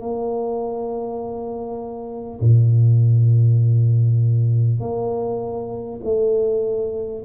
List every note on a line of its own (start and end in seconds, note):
0.00 2.40 A#3
2.41 4.81 A#2
4.81 6.01 A#3
6.04 7.24 A3